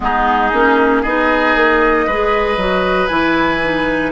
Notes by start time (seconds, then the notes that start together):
0.00 G#3 B3 D#4 G#4
0.53 A#3 C#4
1.02 B3 D#4 G#4 D#5
1.55 A#3
2.06 G#3 G#4 B4
2.56 F#3 F#4
3.06 E3 E4 G#5
3.63 D#4